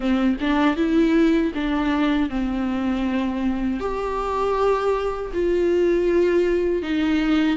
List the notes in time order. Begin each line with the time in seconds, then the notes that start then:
0.00 C4
0.40 D4
0.76 E4
1.54 D4
2.29 C4
3.79 G4
5.33 F4
6.82 D#4